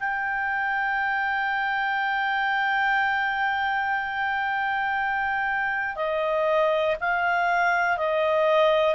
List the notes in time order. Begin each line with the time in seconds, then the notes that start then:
0.00 G5
5.96 D#5
7.00 F5
7.97 D#5